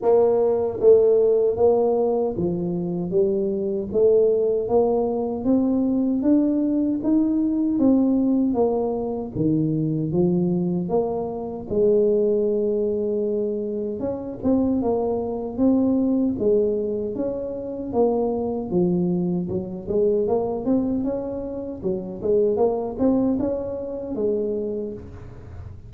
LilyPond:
\new Staff \with { instrumentName = "tuba" } { \time 4/4 \tempo 4 = 77 ais4 a4 ais4 f4 | g4 a4 ais4 c'4 | d'4 dis'4 c'4 ais4 | dis4 f4 ais4 gis4~ |
gis2 cis'8 c'8 ais4 | c'4 gis4 cis'4 ais4 | f4 fis8 gis8 ais8 c'8 cis'4 | fis8 gis8 ais8 c'8 cis'4 gis4 | }